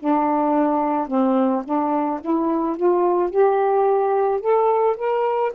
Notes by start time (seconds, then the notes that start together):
0.00 D4
1.08 C4
1.65 D4
2.22 E4
2.77 F4
3.31 G4
4.41 A4
4.97 A#4